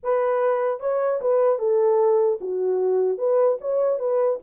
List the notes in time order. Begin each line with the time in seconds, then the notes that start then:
0.03 B4
0.80 C#5
1.21 B4
1.58 A4
2.40 F#4
3.18 B4
3.60 C#5
3.99 B4